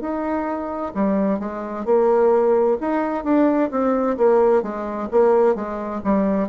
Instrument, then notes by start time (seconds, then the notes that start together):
bassoon
0.00 D#4
0.94 G3
1.39 G#3
1.85 A#3
2.80 D#4
3.24 D4
3.71 C4
4.17 A#3
4.62 G#3
5.11 A#3
5.55 G#3
6.04 G3